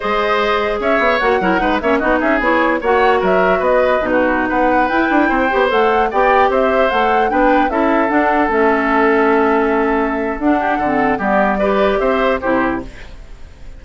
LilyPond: <<
  \new Staff \with { instrumentName = "flute" } { \time 4/4 \tempo 4 = 150 dis''2 e''4 fis''4~ | fis''8 e''8 dis''8 e''8 cis''4 fis''4 | e''4 dis''4~ dis''16 b'4 fis''8.~ | fis''16 g''2 fis''4 g''8.~ |
g''16 e''4 fis''4 g''4 e''8.~ | e''16 fis''4 e''2~ e''8.~ | e''2 fis''2 | d''2 e''4 c''4 | }
  \new Staff \with { instrumentName = "oboe" } { \time 4/4 c''2 cis''4. ais'8 | b'8 cis''8 fis'8 gis'4. cis''4 | ais'4 b'4~ b'16 fis'4 b'8.~ | b'4~ b'16 c''2 d''8.~ |
d''16 c''2 b'4 a'8.~ | a'1~ | a'2~ a'8 g'8 a'4 | g'4 b'4 c''4 g'4 | }
  \new Staff \with { instrumentName = "clarinet" } { \time 4/4 gis'2. fis'8 e'8 | dis'8 cis'8 dis'4 e'4 fis'4~ | fis'2 dis'2~ | dis'16 e'4. g'8 a'4 g'8.~ |
g'4~ g'16 a'4 d'4 e'8.~ | e'16 d'4 cis'2~ cis'8.~ | cis'2 d'4 c'4 | b4 g'2 e'4 | }
  \new Staff \with { instrumentName = "bassoon" } { \time 4/4 gis2 cis'8 b8 ais8 fis8 | gis8 ais8 b8 cis'8 b4 ais4 | fis4 b4 b,4~ b,16 b8.~ | b16 e'8 d'8 c'8 b8 a4 b8.~ |
b16 c'4 a4 b4 cis'8.~ | cis'16 d'4 a2~ a8.~ | a2 d'4 d4 | g2 c'4 c4 | }
>>